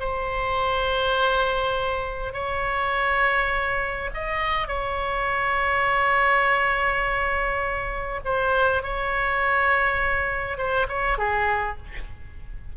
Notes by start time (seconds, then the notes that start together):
0.00 C5
2.34 C#5
4.14 D#5
4.68 C#5
8.25 C5
8.83 C#5
10.58 C5
10.89 C#5
11.18 G#4